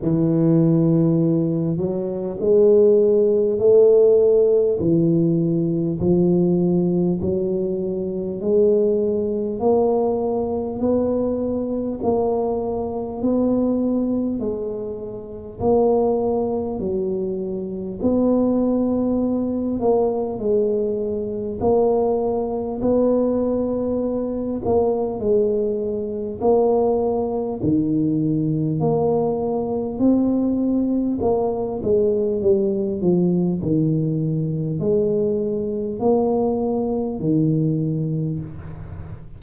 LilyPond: \new Staff \with { instrumentName = "tuba" } { \time 4/4 \tempo 4 = 50 e4. fis8 gis4 a4 | e4 f4 fis4 gis4 | ais4 b4 ais4 b4 | gis4 ais4 fis4 b4~ |
b8 ais8 gis4 ais4 b4~ | b8 ais8 gis4 ais4 dis4 | ais4 c'4 ais8 gis8 g8 f8 | dis4 gis4 ais4 dis4 | }